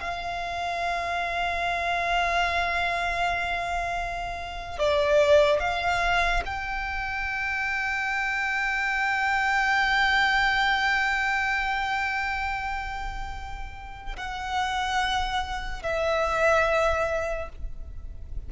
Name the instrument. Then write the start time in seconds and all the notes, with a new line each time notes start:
violin
0.00 F5
4.79 D5
5.60 F5
6.45 G5
14.17 F#5
15.83 E5